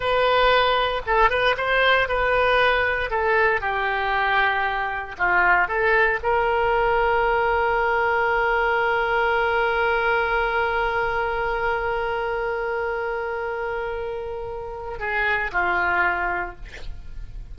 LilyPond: \new Staff \with { instrumentName = "oboe" } { \time 4/4 \tempo 4 = 116 b'2 a'8 b'8 c''4 | b'2 a'4 g'4~ | g'2 f'4 a'4 | ais'1~ |
ais'1~ | ais'1~ | ais'1~ | ais'4 gis'4 f'2 | }